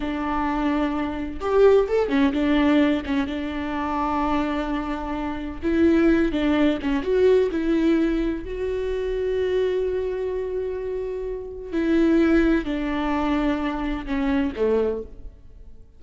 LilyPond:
\new Staff \with { instrumentName = "viola" } { \time 4/4 \tempo 4 = 128 d'2. g'4 | a'8 cis'8 d'4. cis'8 d'4~ | d'1 | e'4. d'4 cis'8 fis'4 |
e'2 fis'2~ | fis'1~ | fis'4 e'2 d'4~ | d'2 cis'4 a4 | }